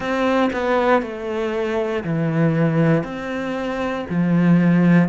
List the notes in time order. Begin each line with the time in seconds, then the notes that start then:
0.00 C4
0.53 B3
1.02 A3
2.03 E3
3.03 C4
4.09 F3